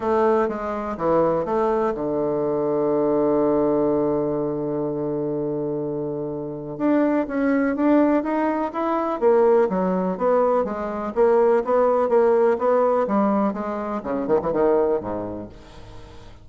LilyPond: \new Staff \with { instrumentName = "bassoon" } { \time 4/4 \tempo 4 = 124 a4 gis4 e4 a4 | d1~ | d1~ | d2 d'4 cis'4 |
d'4 dis'4 e'4 ais4 | fis4 b4 gis4 ais4 | b4 ais4 b4 g4 | gis4 cis8 dis16 e16 dis4 gis,4 | }